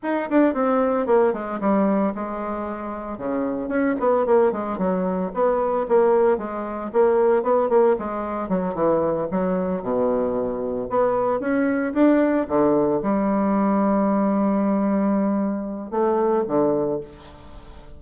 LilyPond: \new Staff \with { instrumentName = "bassoon" } { \time 4/4 \tempo 4 = 113 dis'8 d'8 c'4 ais8 gis8 g4 | gis2 cis4 cis'8 b8 | ais8 gis8 fis4 b4 ais4 | gis4 ais4 b8 ais8 gis4 |
fis8 e4 fis4 b,4.~ | b,8 b4 cis'4 d'4 d8~ | d8 g2.~ g8~ | g2 a4 d4 | }